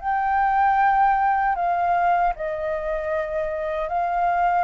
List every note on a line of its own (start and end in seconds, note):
0.00 1.55 G5
1.55 2.33 F5
2.36 3.88 D#5
3.88 4.64 F5